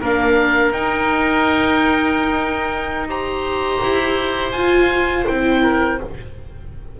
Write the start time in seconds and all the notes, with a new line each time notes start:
0.00 A#3 D4 A#4 F5
0.72 D#4 G5
3.09 G4 C5 A#5
3.83 E4
4.52 F4 G#5
5.27 C4 E4 G5
5.62 A#4